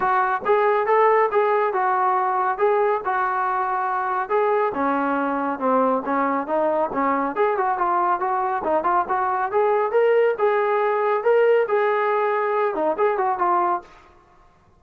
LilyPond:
\new Staff \with { instrumentName = "trombone" } { \time 4/4 \tempo 4 = 139 fis'4 gis'4 a'4 gis'4 | fis'2 gis'4 fis'4~ | fis'2 gis'4 cis'4~ | cis'4 c'4 cis'4 dis'4 |
cis'4 gis'8 fis'8 f'4 fis'4 | dis'8 f'8 fis'4 gis'4 ais'4 | gis'2 ais'4 gis'4~ | gis'4. dis'8 gis'8 fis'8 f'4 | }